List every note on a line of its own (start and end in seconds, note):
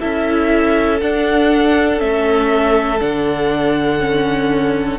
0.00 1.01 C#4
0.00 1.00 E4
0.00 4.99 A4
0.00 1.00 E5
1.01 2.00 D4
1.01 1.97 D4
1.01 2.00 F#5
1.97 3.00 A3
1.97 2.98 C#4
1.97 3.00 E5
3.00 4.99 D3
3.00 3.99 D4
3.00 4.99 F#5
3.99 4.99 C#4